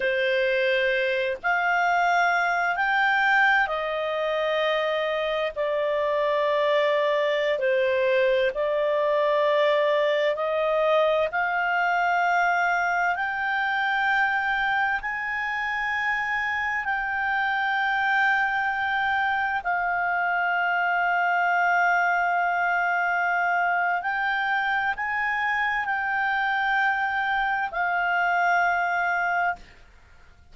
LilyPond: \new Staff \with { instrumentName = "clarinet" } { \time 4/4 \tempo 4 = 65 c''4. f''4. g''4 | dis''2 d''2~ | d''16 c''4 d''2 dis''8.~ | dis''16 f''2 g''4.~ g''16~ |
g''16 gis''2 g''4.~ g''16~ | g''4~ g''16 f''2~ f''8.~ | f''2 g''4 gis''4 | g''2 f''2 | }